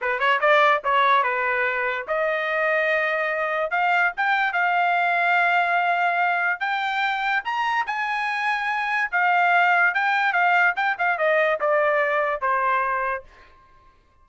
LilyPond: \new Staff \with { instrumentName = "trumpet" } { \time 4/4 \tempo 4 = 145 b'8 cis''8 d''4 cis''4 b'4~ | b'4 dis''2.~ | dis''4 f''4 g''4 f''4~ | f''1 |
g''2 ais''4 gis''4~ | gis''2 f''2 | g''4 f''4 g''8 f''8 dis''4 | d''2 c''2 | }